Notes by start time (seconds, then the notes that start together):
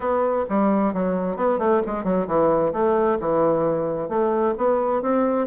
0.00 B3
0.49 G3
0.93 F#3
1.36 B3
1.58 A3
1.86 G#3
2.04 F#3
2.27 E3
2.73 A3
3.19 E3
4.08 A3
4.57 B3
5.02 C4